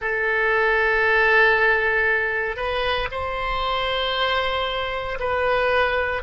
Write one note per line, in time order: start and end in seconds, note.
0.01 2.56 A4
2.56 3.08 B4
3.11 5.18 C5
5.19 6.22 B4